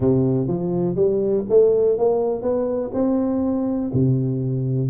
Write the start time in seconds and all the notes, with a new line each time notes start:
0.00 C3
0.47 F3
0.95 G3
1.49 A3
1.98 A#3
2.41 B3
2.93 C4
3.93 C3